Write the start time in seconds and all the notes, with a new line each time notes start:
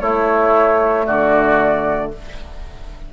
0.00 A3 E4 C#5
1.05 D3 F#4 D5